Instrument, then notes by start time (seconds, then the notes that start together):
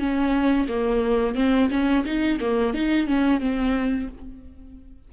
viola
0.00 C#4
0.69 A#3
1.35 C4
1.71 C#4
2.06 D#4
2.40 A#3
2.74 D#4
3.07 C#4
3.41 C4